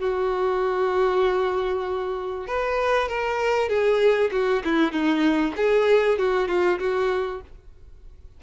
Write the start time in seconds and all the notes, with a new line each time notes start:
0.00 F#4
2.48 B4
3.09 A#4
3.69 G#4
4.32 F#4
4.65 E4
4.92 D#4
5.57 G#4
6.19 F#4
6.48 F4
6.80 F#4